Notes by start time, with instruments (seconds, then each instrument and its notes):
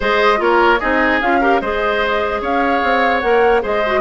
0.00 bassoon G#3, clarinet G#4, oboe C5, flute D#5
0.37 bassoon A#3, clarinet F4, oboe A#4, flute C#5
0.79 bassoon C4, clarinet D#4, oboe G#4, flute D#5
1.21 bassoon C#4, clarinet F4, flute F5
1.40 clarinet G4, oboe A#4
1.60 bassoon G#3, clarinet G#4, oboe C5, flute D#5
2.41 bassoon C#4, oboe C#5, flute F5
2.83 bassoon C4
3.20 bassoon A#3, clarinet A#4, flute F#5
3.62 bassoon G#3, clarinet G#4, oboe C5, flute D#5
3.85 clarinet F#4